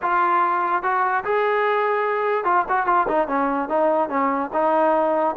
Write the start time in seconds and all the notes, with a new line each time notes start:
0.01 F4
0.82 F#4
1.24 G#4
2.44 F4
2.68 F#4
2.86 F4
3.07 D#4
3.27 C#4
3.68 D#4
4.09 C#4
4.53 D#4